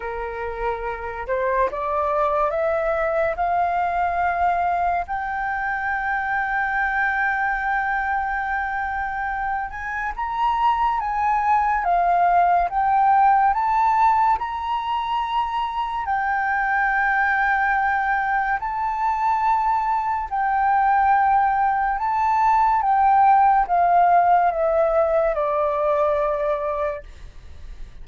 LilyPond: \new Staff \with { instrumentName = "flute" } { \time 4/4 \tempo 4 = 71 ais'4. c''8 d''4 e''4 | f''2 g''2~ | g''2.~ g''8 gis''8 | ais''4 gis''4 f''4 g''4 |
a''4 ais''2 g''4~ | g''2 a''2 | g''2 a''4 g''4 | f''4 e''4 d''2 | }